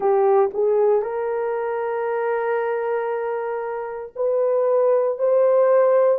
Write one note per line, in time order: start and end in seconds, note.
0.00 0.49 G4
0.53 1.02 G#4
1.02 4.12 A#4
4.15 5.18 B4
5.18 6.18 C5